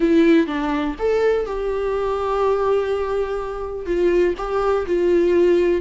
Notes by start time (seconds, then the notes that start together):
0.00 E4
0.47 D4
0.98 A4
1.46 G4
3.86 F4
4.37 G4
4.86 F4